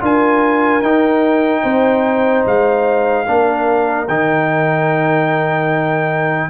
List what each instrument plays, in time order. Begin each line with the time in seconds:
0.00 tuba D4, trombone F4, horn A#4, trumpet G#5
0.81 tuba D#4, trombone D#4, trumpet G5
1.62 tuba C4, horn C5
2.46 tuba G#3, trumpet F5
3.26 tuba A#3, trombone D4, horn A#4
4.08 tuba D#3, trombone D#4, trumpet G5